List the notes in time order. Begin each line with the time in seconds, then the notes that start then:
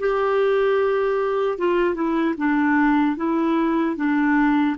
0.00 G4
1.59 F4
1.95 E4
2.38 D4
3.17 E4
3.97 D4